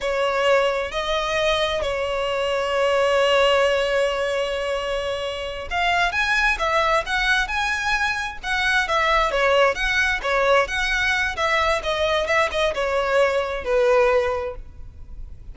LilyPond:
\new Staff \with { instrumentName = "violin" } { \time 4/4 \tempo 4 = 132 cis''2 dis''2 | cis''1~ | cis''1~ | cis''8 f''4 gis''4 e''4 fis''8~ |
fis''8 gis''2 fis''4 e''8~ | e''8 cis''4 fis''4 cis''4 fis''8~ | fis''4 e''4 dis''4 e''8 dis''8 | cis''2 b'2 | }